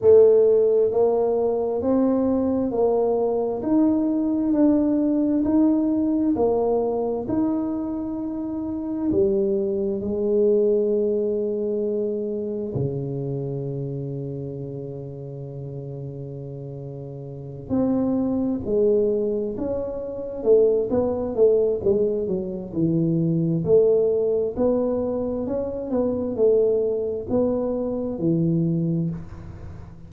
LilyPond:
\new Staff \with { instrumentName = "tuba" } { \time 4/4 \tempo 4 = 66 a4 ais4 c'4 ais4 | dis'4 d'4 dis'4 ais4 | dis'2 g4 gis4~ | gis2 cis2~ |
cis2.~ cis8 c'8~ | c'8 gis4 cis'4 a8 b8 a8 | gis8 fis8 e4 a4 b4 | cis'8 b8 a4 b4 e4 | }